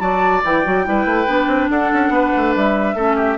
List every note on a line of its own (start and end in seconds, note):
0.00 0.43 F#3
0.00 0.43 F#4
0.00 0.86 D5
0.00 0.42 A5
0.44 0.65 E3
0.44 0.65 E4
0.44 1.70 G5
0.65 0.87 F#3
0.65 0.85 F#4
0.85 1.06 G3
0.85 1.27 E4
0.85 1.71 B4
1.06 1.27 A3
1.27 1.48 B3
1.27 2.96 D4
1.48 1.69 C4
1.70 1.91 D4
1.70 2.13 A4
1.70 2.54 F#5
1.94 2.09 C#4
2.09 2.31 B3
2.09 2.96 B4
2.37 2.56 A3
2.56 2.95 G3
2.56 3.38 E5
2.95 3.37 A3
2.95 3.38 C#4
2.95 3.16 A4
3.16 3.37 G4